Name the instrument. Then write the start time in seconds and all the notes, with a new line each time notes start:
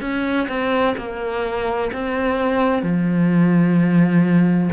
cello
0.00 C#4
0.48 C4
0.97 A#3
1.92 C4
2.82 F3